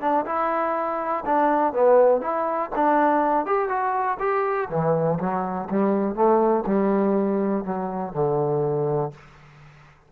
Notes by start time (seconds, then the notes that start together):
0.00 D4
0.25 E4
1.25 D4
1.73 B3
2.20 E4
2.75 D4
3.45 G4
3.68 F#4
4.19 G4
4.69 E3
5.19 F#3
5.70 G3
6.15 A3
6.66 G3
7.64 F#3
8.13 D3